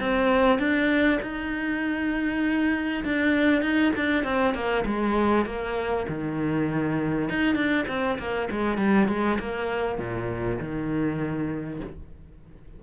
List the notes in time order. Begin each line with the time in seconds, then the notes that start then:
0.00 C4
0.59 D4
1.22 D#4
3.04 D4
3.62 D#4
3.96 D4
4.24 C4
4.54 A#3
4.86 G#3
5.46 A#3
6.09 D#3
7.29 D#4
7.55 D4
7.88 C4
8.19 A#3
8.51 G#3
8.78 G3
9.08 G#3
9.39 A#3
9.98 A#2
10.59 D#3